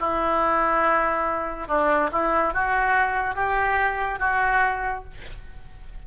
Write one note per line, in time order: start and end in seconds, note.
0.00 1.68 E4
1.68 2.10 D4
2.12 2.54 E4
2.54 3.36 F#4
3.36 4.20 G4
4.20 5.04 F#4